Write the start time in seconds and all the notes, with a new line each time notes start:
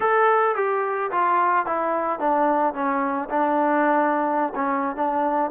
0.00 A4
0.55 G4
1.11 F4
1.66 E4
2.19 D4
2.73 C#4
3.29 D4
4.55 C#4
4.95 D4